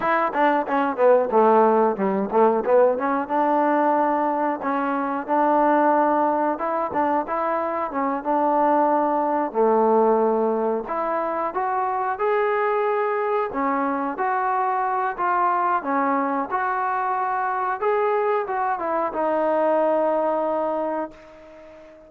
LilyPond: \new Staff \with { instrumentName = "trombone" } { \time 4/4 \tempo 4 = 91 e'8 d'8 cis'8 b8 a4 g8 a8 | b8 cis'8 d'2 cis'4 | d'2 e'8 d'8 e'4 | cis'8 d'2 a4.~ |
a8 e'4 fis'4 gis'4.~ | gis'8 cis'4 fis'4. f'4 | cis'4 fis'2 gis'4 | fis'8 e'8 dis'2. | }